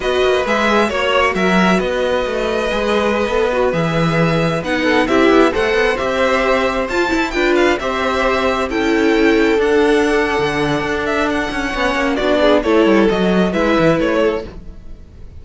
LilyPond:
<<
  \new Staff \with { instrumentName = "violin" } { \time 4/4 \tempo 4 = 133 dis''4 e''4 cis''4 e''4 | dis''1~ | dis''16 e''2 fis''4 e''8.~ | e''16 fis''4 e''2 a''8.~ |
a''16 g''8 f''8 e''2 g''8.~ | g''4~ g''16 fis''2~ fis''8.~ | fis''8 e''8 fis''2 d''4 | cis''4 dis''4 e''4 cis''4 | }
  \new Staff \with { instrumentName = "violin" } { \time 4/4 b'2 cis''4 ais'4 | b'1~ | b'2~ b'8. a'8 g'8.~ | g'16 c''2.~ c''8.~ |
c''16 b'4 c''2 a'8.~ | a'1~ | a'2 cis''4 fis'8 gis'8 | a'2 b'4. a'8 | }
  \new Staff \with { instrumentName = "viola" } { \time 4/4 fis'4 gis'4 fis'2~ | fis'2 gis'4~ gis'16 a'8 fis'16~ | fis'16 gis'2 dis'4 e'8.~ | e'16 a'4 g'2 f'8 e'16~ |
e'16 f'4 g'2 e'8.~ | e'4~ e'16 d'2~ d'8.~ | d'2 cis'4 d'4 | e'4 fis'4 e'2 | }
  \new Staff \with { instrumentName = "cello" } { \time 4/4 b8 ais8 gis4 ais4 fis4 | b4 a4 gis4~ gis16 b8.~ | b16 e2 b4 c'8 b16~ | b16 a8 b8 c'2 f'8 e'16~ |
e'16 d'4 c'2 cis'8.~ | cis'4~ cis'16 d'4.~ d'16 d4 | d'4. cis'8 b8 ais8 b4 | a8 g8 fis4 gis8 e8 a4 | }
>>